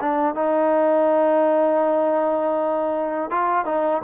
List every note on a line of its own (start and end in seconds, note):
0.00 0.34 D4
0.34 3.30 D#4
3.30 3.65 F4
3.65 4.02 D#4